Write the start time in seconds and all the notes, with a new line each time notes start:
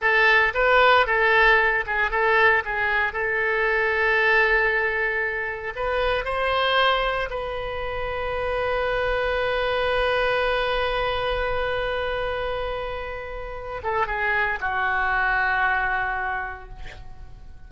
0.01 A4
0.54 B4
1.06 A4
1.86 G#4
2.10 A4
2.64 G#4
3.12 A4
5.75 B4
6.25 C5
7.29 B4
13.83 A4
14.07 G#4
14.60 F#4